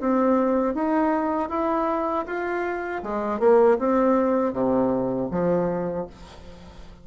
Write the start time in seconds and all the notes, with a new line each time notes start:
0.00 C4
0.74 D#4
1.49 E4
2.26 F4
3.02 G#3
3.39 A#3
3.79 C4
4.53 C3
5.31 F3